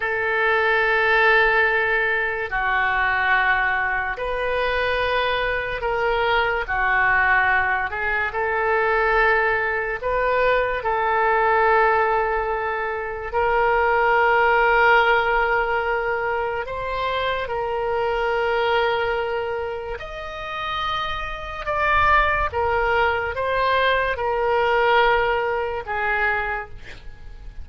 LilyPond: \new Staff \with { instrumentName = "oboe" } { \time 4/4 \tempo 4 = 72 a'2. fis'4~ | fis'4 b'2 ais'4 | fis'4. gis'8 a'2 | b'4 a'2. |
ais'1 | c''4 ais'2. | dis''2 d''4 ais'4 | c''4 ais'2 gis'4 | }